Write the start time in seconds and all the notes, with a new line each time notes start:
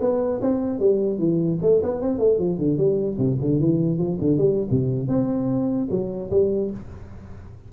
0.00 B3
0.41 C4
0.79 G3
1.18 E3
1.61 A3
1.82 B3
2.01 C4
2.18 A3
2.38 F3
2.58 D3
2.77 G3
3.17 C3
3.40 D3
3.59 E3
3.98 F3
4.21 D3
4.37 G3
4.70 C3
5.08 C4
5.90 F#3
6.30 G3